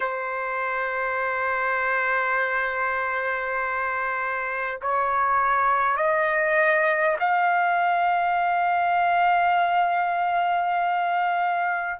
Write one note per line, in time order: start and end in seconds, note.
0.00 4.80 C5
4.81 5.97 C#5
5.97 7.17 D#5
7.19 11.99 F5